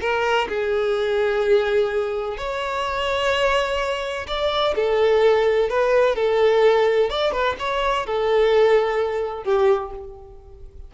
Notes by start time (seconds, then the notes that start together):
0.00 A#4
0.48 G#4
2.37 C#5
4.27 D5
4.75 A4
5.69 B4
6.15 A4
7.09 D5
7.32 B4
7.59 C#5
8.06 A4
9.43 G4